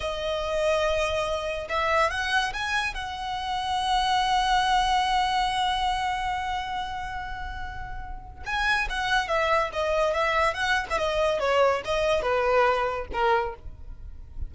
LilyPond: \new Staff \with { instrumentName = "violin" } { \time 4/4 \tempo 4 = 142 dis''1 | e''4 fis''4 gis''4 fis''4~ | fis''1~ | fis''1~ |
fis''1 | gis''4 fis''4 e''4 dis''4 | e''4 fis''8. e''16 dis''4 cis''4 | dis''4 b'2 ais'4 | }